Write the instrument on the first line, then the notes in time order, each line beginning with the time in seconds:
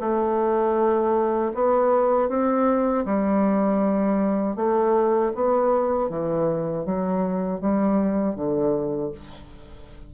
bassoon
0.00 A3
1.54 B3
2.29 C4
3.05 G3
4.56 A3
5.35 B3
6.09 E3
6.85 F#3
7.61 G3
8.35 D3